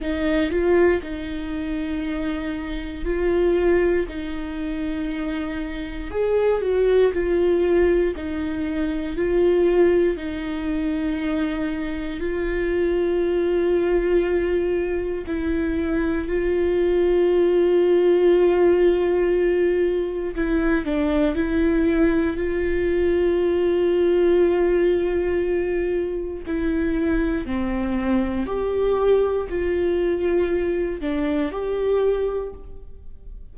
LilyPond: \new Staff \with { instrumentName = "viola" } { \time 4/4 \tempo 4 = 59 dis'8 f'8 dis'2 f'4 | dis'2 gis'8 fis'8 f'4 | dis'4 f'4 dis'2 | f'2. e'4 |
f'1 | e'8 d'8 e'4 f'2~ | f'2 e'4 c'4 | g'4 f'4. d'8 g'4 | }